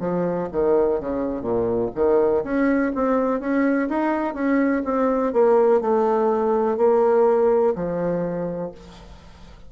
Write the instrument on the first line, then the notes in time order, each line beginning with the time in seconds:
bassoon
0.00 F3
0.52 D#3
1.00 C#3
1.41 A#2
1.95 D#3
2.44 C#4
2.95 C4
3.40 C#4
3.89 D#4
4.34 C#4
4.85 C4
5.33 A#3
5.81 A3
6.77 A#3
7.75 F3